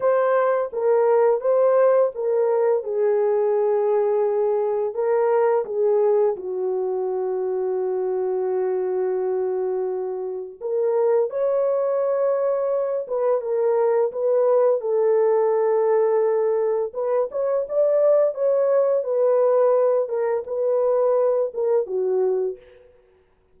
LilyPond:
\new Staff \with { instrumentName = "horn" } { \time 4/4 \tempo 4 = 85 c''4 ais'4 c''4 ais'4 | gis'2. ais'4 | gis'4 fis'2.~ | fis'2. ais'4 |
cis''2~ cis''8 b'8 ais'4 | b'4 a'2. | b'8 cis''8 d''4 cis''4 b'4~ | b'8 ais'8 b'4. ais'8 fis'4 | }